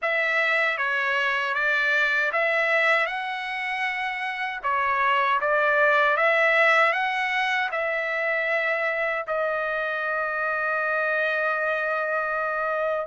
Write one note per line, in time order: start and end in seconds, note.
0.02 0.77 E5
0.77 1.54 C#5
1.54 2.31 D5
2.32 3.06 E5
3.06 4.60 F#5
4.63 5.40 C#5
5.41 6.16 D5
6.16 6.92 E5
6.92 7.69 F#5
7.71 9.25 E5
9.27 13.06 D#5